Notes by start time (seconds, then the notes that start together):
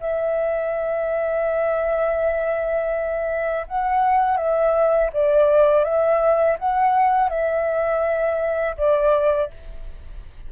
0.00 E5
3.67 F#5
4.37 E5
5.13 D5
5.84 E5
6.58 F#5
7.29 E5
8.77 D5